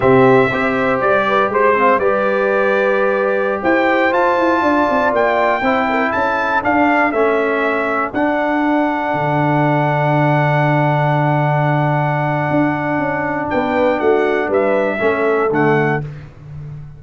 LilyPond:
<<
  \new Staff \with { instrumentName = "trumpet" } { \time 4/4 \tempo 4 = 120 e''2 d''4 c''4 | d''2.~ d''16 g''8.~ | g''16 a''2 g''4.~ g''16~ | g''16 a''4 f''4 e''4.~ e''16~ |
e''16 fis''2.~ fis''8.~ | fis''1~ | fis''2. g''4 | fis''4 e''2 fis''4 | }
  \new Staff \with { instrumentName = "horn" } { \time 4/4 g'4 c''4. b'8 c''8 f''8 | b'2.~ b'16 c''8.~ | c''4~ c''16 d''2 c''8 ais'16~ | ais'16 a'2.~ a'8.~ |
a'1~ | a'1~ | a'2. b'4 | fis'4 b'4 a'2 | }
  \new Staff \with { instrumentName = "trombone" } { \time 4/4 c'4 g'2~ g'8 c'8 | g'1~ | g'16 f'2. e'8.~ | e'4~ e'16 d'4 cis'4.~ cis'16~ |
cis'16 d'2.~ d'8.~ | d'1~ | d'1~ | d'2 cis'4 a4 | }
  \new Staff \with { instrumentName = "tuba" } { \time 4/4 c4 c'4 g4 gis4 | g2.~ g16 e'8.~ | e'16 f'8 e'8 d'8 c'8 ais4 c'8.~ | c'16 cis'4 d'4 a4.~ a16~ |
a16 d'2 d4.~ d16~ | d1~ | d4 d'4 cis'4 b4 | a4 g4 a4 d4 | }
>>